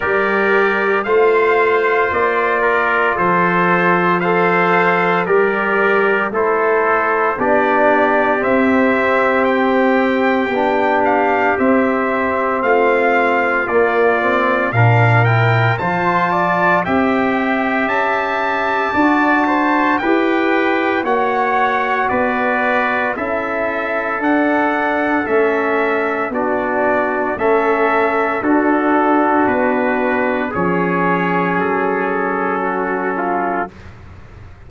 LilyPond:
<<
  \new Staff \with { instrumentName = "trumpet" } { \time 4/4 \tempo 4 = 57 d''4 f''4 d''4 c''4 | f''4 d''4 c''4 d''4 | e''4 g''4. f''8 e''4 | f''4 d''4 f''8 g''8 a''4 |
g''4 a''2 g''4 | fis''4 d''4 e''4 fis''4 | e''4 d''4 e''4 a'4 | b'4 cis''4 a'2 | }
  \new Staff \with { instrumentName = "trumpet" } { \time 4/4 ais'4 c''4. ais'8 a'4 | c''4 ais'4 a'4 g'4~ | g'1 | f'2 ais'4 c''8 d''8 |
e''2 d''8 c''8 b'4 | cis''4 b'4 a'2~ | a'4 fis'4 a'4 fis'4~ | fis'4 gis'2 fis'8 f'8 | }
  \new Staff \with { instrumentName = "trombone" } { \time 4/4 g'4 f'2. | a'4 g'4 e'4 d'4 | c'2 d'4 c'4~ | c'4 ais8 c'8 d'8 e'8 f'4 |
g'2 fis'4 g'4 | fis'2 e'4 d'4 | cis'4 d'4 cis'4 d'4~ | d'4 cis'2. | }
  \new Staff \with { instrumentName = "tuba" } { \time 4/4 g4 a4 ais4 f4~ | f4 g4 a4 b4 | c'2 b4 c'4 | a4 ais4 ais,4 f4 |
c'4 cis'4 d'4 e'4 | ais4 b4 cis'4 d'4 | a4 b4 a4 d'4 | b4 f4 fis2 | }
>>